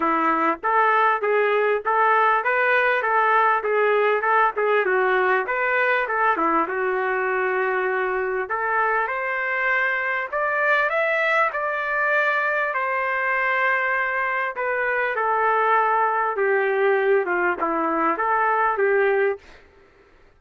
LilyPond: \new Staff \with { instrumentName = "trumpet" } { \time 4/4 \tempo 4 = 99 e'4 a'4 gis'4 a'4 | b'4 a'4 gis'4 a'8 gis'8 | fis'4 b'4 a'8 e'8 fis'4~ | fis'2 a'4 c''4~ |
c''4 d''4 e''4 d''4~ | d''4 c''2. | b'4 a'2 g'4~ | g'8 f'8 e'4 a'4 g'4 | }